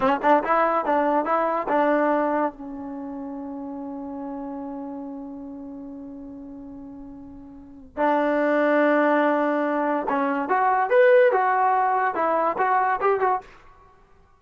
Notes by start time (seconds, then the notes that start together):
0.00 C#4
0.22 D4
0.43 E4
0.85 D4
1.25 E4
1.68 D4
2.52 C#4
7.97 D4
10.09 C#4
10.48 F#4
10.90 B4
11.32 F#4
12.14 E4
12.58 F#4
13.01 G4
13.20 F#4